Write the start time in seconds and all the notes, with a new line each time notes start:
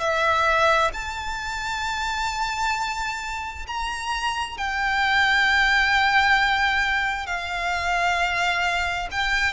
0.00 E5
0.93 A5
3.67 A#5
4.57 G5
7.26 F5
9.11 G5